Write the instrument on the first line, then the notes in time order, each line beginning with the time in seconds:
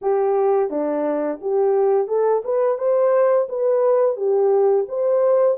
horn
0.01 G4
0.70 D4
1.41 G4
2.07 A4
2.44 B4
2.77 C5
3.49 B4
4.16 G4
4.88 C5